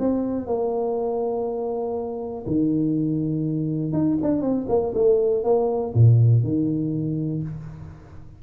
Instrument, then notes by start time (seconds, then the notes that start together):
tuba
0.00 C4
0.47 A#3
2.47 D#3
3.93 D#4
4.23 D4
4.42 C4
4.69 A#3
4.95 A3
5.44 A#3
5.95 A#2
6.44 D#3